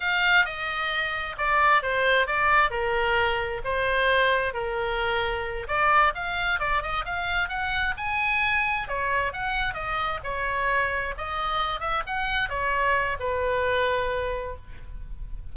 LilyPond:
\new Staff \with { instrumentName = "oboe" } { \time 4/4 \tempo 4 = 132 f''4 dis''2 d''4 | c''4 d''4 ais'2 | c''2 ais'2~ | ais'8 d''4 f''4 d''8 dis''8 f''8~ |
f''8 fis''4 gis''2 cis''8~ | cis''8 fis''4 dis''4 cis''4.~ | cis''8 dis''4. e''8 fis''4 cis''8~ | cis''4 b'2. | }